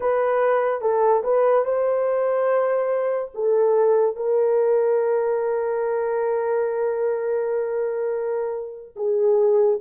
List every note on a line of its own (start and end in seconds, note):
0.00 0.81 B4
0.81 1.23 A4
1.23 1.64 B4
1.64 3.31 C5
3.34 4.16 A4
4.16 8.95 A#4
8.95 9.79 G#4